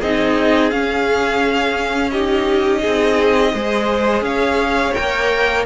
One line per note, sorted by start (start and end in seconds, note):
0.00 0.72 C4
0.00 0.72 D#4
0.00 2.12 G#4
0.00 0.71 D#5
0.71 2.13 C#4
0.71 2.84 C#4
0.71 2.11 F5
2.11 3.56 D#4
2.11 2.82 G4
2.11 4.23 D#5
2.82 3.54 C4
2.82 3.52 G#4
3.54 4.22 G#3
3.54 4.95 G#4
3.54 4.25 C5
4.22 4.92 C#4
4.22 5.66 C#5
4.22 4.94 F5
4.94 5.66 A#3
4.94 5.65 A#4
4.94 5.65 G5